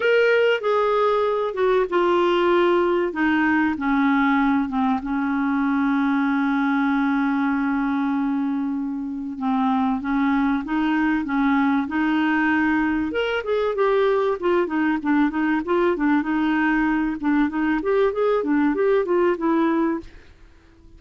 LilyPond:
\new Staff \with { instrumentName = "clarinet" } { \time 4/4 \tempo 4 = 96 ais'4 gis'4. fis'8 f'4~ | f'4 dis'4 cis'4. c'8 | cis'1~ | cis'2. c'4 |
cis'4 dis'4 cis'4 dis'4~ | dis'4 ais'8 gis'8 g'4 f'8 dis'8 | d'8 dis'8 f'8 d'8 dis'4. d'8 | dis'8 g'8 gis'8 d'8 g'8 f'8 e'4 | }